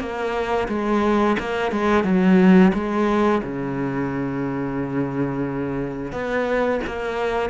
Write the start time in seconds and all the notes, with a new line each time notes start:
0.00 A#3
0.68 G#3
1.40 A#3
1.72 G#3
2.04 F#3
2.74 G#3
3.43 C#3
6.13 B3
6.87 A#3